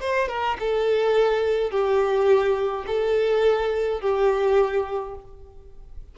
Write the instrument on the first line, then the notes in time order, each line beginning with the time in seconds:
violin
0.00 C5
0.28 A#4
0.59 A4
1.70 G4
2.86 A4
4.00 G4